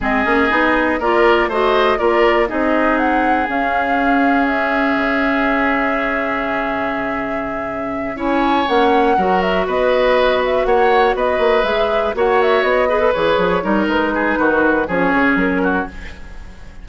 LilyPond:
<<
  \new Staff \with { instrumentName = "flute" } { \time 4/4 \tempo 4 = 121 dis''2 d''4 dis''4 | d''4 dis''4 fis''4 f''4~ | f''4 e''2.~ | e''1~ |
e''8 gis''4 fis''4. e''8 dis''8~ | dis''4 e''8 fis''4 dis''4 e''8~ | e''8 fis''8 e''8 dis''4 cis''4. | b'2 cis''4 ais'4 | }
  \new Staff \with { instrumentName = "oboe" } { \time 4/4 gis'2 ais'4 c''4 | ais'4 gis'2.~ | gis'1~ | gis'1~ |
gis'8 cis''2 ais'4 b'8~ | b'4. cis''4 b'4.~ | b'8 cis''4. b'4. ais'8~ | ais'8 gis'8 fis'4 gis'4. fis'8 | }
  \new Staff \with { instrumentName = "clarinet" } { \time 4/4 c'8 cis'8 dis'4 f'4 fis'4 | f'4 dis'2 cis'4~ | cis'1~ | cis'1~ |
cis'8 e'4 cis'4 fis'4.~ | fis'2.~ fis'8 gis'8~ | gis'8 fis'4. gis'16 a'16 gis'4 dis'8~ | dis'2 cis'2 | }
  \new Staff \with { instrumentName = "bassoon" } { \time 4/4 gis8 ais8 b4 ais4 a4 | ais4 c'2 cis'4~ | cis'2 cis2~ | cis1~ |
cis8 cis'4 ais4 fis4 b8~ | b4. ais4 b8 ais8 gis8~ | gis8 ais4 b4 e8 f8 g8 | gis4 dis4 f8 cis8 fis4 | }
>>